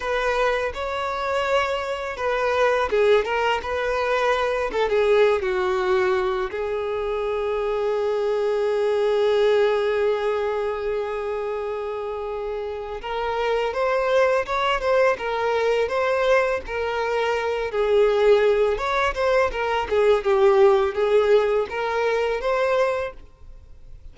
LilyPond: \new Staff \with { instrumentName = "violin" } { \time 4/4 \tempo 4 = 83 b'4 cis''2 b'4 | gis'8 ais'8 b'4. a'16 gis'8. fis'8~ | fis'4 gis'2.~ | gis'1~ |
gis'2 ais'4 c''4 | cis''8 c''8 ais'4 c''4 ais'4~ | ais'8 gis'4. cis''8 c''8 ais'8 gis'8 | g'4 gis'4 ais'4 c''4 | }